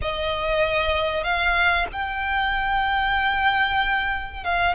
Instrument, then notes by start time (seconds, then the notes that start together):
violin
0.01 D#5
1.23 F5
1.92 G5
4.44 F5